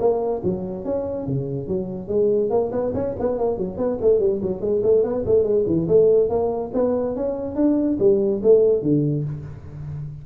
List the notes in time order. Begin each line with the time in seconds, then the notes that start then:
0.00 A#3
0.44 F#3
0.85 C#4
1.27 C#3
1.68 F#3
2.08 G#3
2.50 A#3
2.72 B3
2.94 C#4
3.20 B3
3.38 A#3
3.58 F#3
3.78 B3
4.01 A3
4.20 G3
4.42 F#3
4.61 G#3
4.83 A3
5.03 B3
5.26 A3
5.44 G#3
5.67 E3
5.88 A3
6.30 A#3
6.74 B3
7.16 C#4
7.55 D4
8.00 G3
8.43 A3
8.82 D3